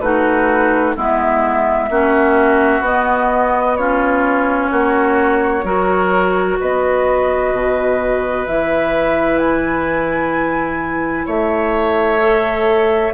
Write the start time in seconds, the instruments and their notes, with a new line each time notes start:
0.00 bassoon A3, clarinet D#4, oboe F#4, flute B4
0.96 bassoon G#3, clarinet B3, oboe E4, flute E5
1.90 bassoon A#3, clarinet C#4, oboe F#4
2.80 bassoon B3, clarinet B3, flute D#5
3.77 clarinet C#4, oboe F4, flute C#5
4.71 bassoon A#3, oboe F#4
5.64 bassoon F#3, clarinet F#4, oboe A#4
6.60 bassoon B3, oboe B4, flute D#5
7.53 bassoon B2
8.46 bassoon E3, clarinet E4, flute E5
9.39 flute G#5
11.26 bassoon A3, oboe C#5, flute E5
12.19 clarinet A4